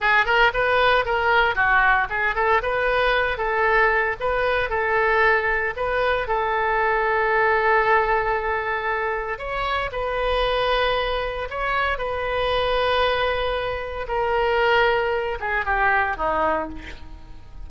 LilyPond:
\new Staff \with { instrumentName = "oboe" } { \time 4/4 \tempo 4 = 115 gis'8 ais'8 b'4 ais'4 fis'4 | gis'8 a'8 b'4. a'4. | b'4 a'2 b'4 | a'1~ |
a'2 cis''4 b'4~ | b'2 cis''4 b'4~ | b'2. ais'4~ | ais'4. gis'8 g'4 dis'4 | }